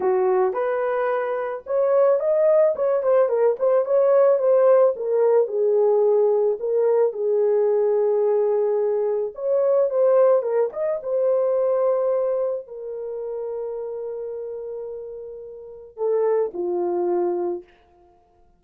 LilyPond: \new Staff \with { instrumentName = "horn" } { \time 4/4 \tempo 4 = 109 fis'4 b'2 cis''4 | dis''4 cis''8 c''8 ais'8 c''8 cis''4 | c''4 ais'4 gis'2 | ais'4 gis'2.~ |
gis'4 cis''4 c''4 ais'8 dis''8 | c''2. ais'4~ | ais'1~ | ais'4 a'4 f'2 | }